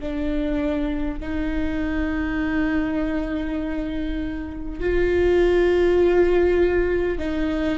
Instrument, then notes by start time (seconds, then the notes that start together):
viola
0.00 D4
1.20 D#4
4.81 F4
7.18 D#4